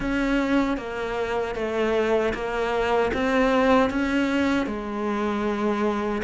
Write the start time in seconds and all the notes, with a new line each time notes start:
0.00 C#4
0.77 A#3
1.55 A3
2.33 A#3
3.13 C4
3.90 C#4
4.66 G#3